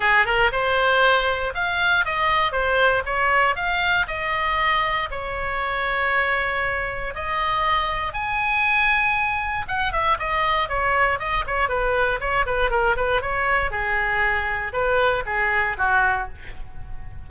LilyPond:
\new Staff \with { instrumentName = "oboe" } { \time 4/4 \tempo 4 = 118 gis'8 ais'8 c''2 f''4 | dis''4 c''4 cis''4 f''4 | dis''2 cis''2~ | cis''2 dis''2 |
gis''2. fis''8 e''8 | dis''4 cis''4 dis''8 cis''8 b'4 | cis''8 b'8 ais'8 b'8 cis''4 gis'4~ | gis'4 b'4 gis'4 fis'4 | }